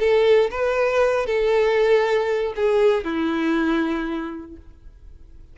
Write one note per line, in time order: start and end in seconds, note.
0.00 0.51 A4
0.51 1.26 B4
1.26 2.54 A4
2.56 3.04 G#4
3.04 4.57 E4